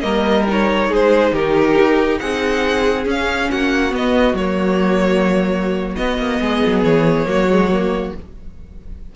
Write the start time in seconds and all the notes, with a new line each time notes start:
0.00 G3 A#3 A#4 D#5
0.47 D#4 C#5
0.88 G#3 G#4 C5
1.32 D#3 G4 A#4
1.78 D#4
2.18 C4 G#4 F#5
3.05 C#4 F5
3.50 A#3 F#4 F#5
3.90 B3 D#5
4.33 F#3 A#3 C#5
5.95 B3 D#5
6.18 A#3
6.40 G#3 G#4
6.66 F#3
6.83 E3 C#5
7.25 F#3 A#3 F#4
7.49 G#3
7.71 A#3